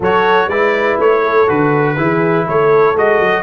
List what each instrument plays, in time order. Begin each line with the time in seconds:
0.00 tuba F#3, trombone F#4, horn A4, trumpet C#5
0.47 tuba G#3, trombone E4, horn B4, trumpet D5
0.98 tuba A3, trumpet C#5
1.23 horn A4
1.47 tuba D3, trombone F#4, trumpet B4
1.96 tuba E3, trombone E4, horn G#4
2.45 tuba A3, horn A4, trumpet C#5
2.94 tuba G#3, trombone F#4, trumpet D#5
3.20 tuba F#3